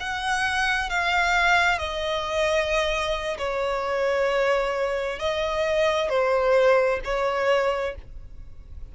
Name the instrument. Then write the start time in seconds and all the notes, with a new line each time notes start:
violin
0.00 F#5
0.89 F5
1.79 D#5
3.38 C#5
5.19 D#5
6.09 C5
7.04 C#5